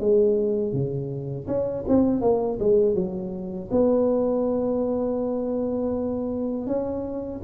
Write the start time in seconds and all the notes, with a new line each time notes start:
0.00 G#3
0.73 C#3
1.47 C#4
1.88 C4
2.21 A#3
2.60 G#3
2.95 F#3
3.71 B3
6.67 C#4